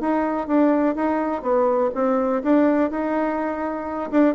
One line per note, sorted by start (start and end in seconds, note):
0.00 0.47 D#4
0.47 0.95 D4
0.95 1.42 D#4
1.42 1.90 B3
1.94 2.42 C4
2.43 2.90 D4
2.90 4.10 D#4
4.10 4.34 D4